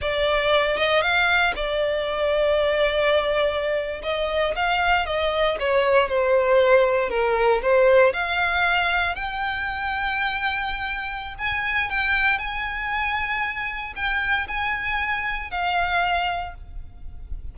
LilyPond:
\new Staff \with { instrumentName = "violin" } { \time 4/4 \tempo 4 = 116 d''4. dis''8 f''4 d''4~ | d''2.~ d''8. dis''16~ | dis''8. f''4 dis''4 cis''4 c''16~ | c''4.~ c''16 ais'4 c''4 f''16~ |
f''4.~ f''16 g''2~ g''16~ | g''2 gis''4 g''4 | gis''2. g''4 | gis''2 f''2 | }